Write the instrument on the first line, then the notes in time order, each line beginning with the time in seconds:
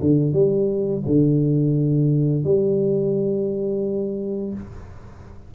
tuba
0.00 D3
0.33 G3
1.06 D3
2.44 G3